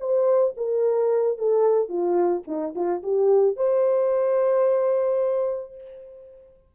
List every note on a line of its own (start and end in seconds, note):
0.00 0.55 C5
0.57 1.38 A#4
1.38 1.89 A4
1.89 2.43 F4
2.47 2.74 D#4
2.75 3.03 F4
3.03 3.57 G4
3.57 5.75 C5